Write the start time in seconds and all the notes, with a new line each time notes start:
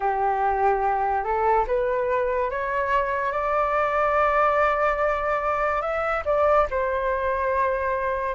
0.00 G4
1.23 A4
1.67 B4
2.50 C#5
3.31 D5
5.81 E5
6.25 D5
6.70 C5